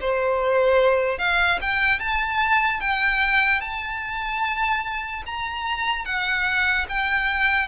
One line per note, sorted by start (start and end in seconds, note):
0.00 1.18 C5
1.18 1.59 F5
1.61 1.99 G5
1.99 2.80 A5
2.80 3.60 G5
3.60 5.23 A5
5.26 6.05 A#5
6.05 6.86 F#5
6.88 7.67 G5